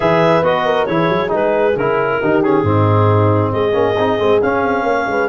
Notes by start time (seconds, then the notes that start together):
0.00 E3 G#4 B4 E5
0.42 B3 F#4 D#5
0.65 A#4
0.85 E3 E4 G#4 C#5
1.09 F#3
1.27 G#3 D#4
1.34 B4
1.75 C#3 E4 A#4
2.21 D#3 D#4 G4
2.42 C#4 G#4
2.63 G#2 C4 D#4
3.52 G#3 G#4 D#5
3.72 A#3 C#4
3.99 C4 D#4
4.18 G#3 C4
4.41 C#4 F5
4.62 C4
4.83 A#3 C#5
5.06 G#3 B4